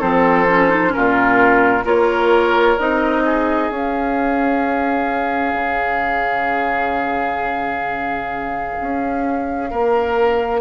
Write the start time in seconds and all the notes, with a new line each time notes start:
0.00 F3 C4 A4 C5
0.49 C#4
0.71 D#4
0.89 C#4 A#4
0.96 A#2 F4
1.85 A#3 F4 A#4 C#5
2.79 C4 D#4 D#5
3.26 G#4
3.70 C#4 F5
5.54 C#3
8.81 C#4
9.71 A#3 A#4